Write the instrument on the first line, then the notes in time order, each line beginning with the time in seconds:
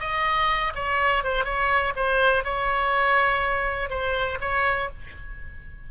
oboe
0.00 D#5
0.75 C#5
1.24 C5
1.45 C#5
1.96 C5
2.44 C#5
3.90 C5
4.41 C#5